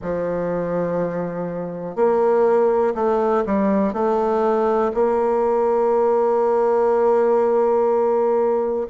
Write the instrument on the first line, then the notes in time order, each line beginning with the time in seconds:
bassoon
0.02 F3
1.95 A#3
2.94 A3
3.46 G3
3.93 A3
4.94 A#3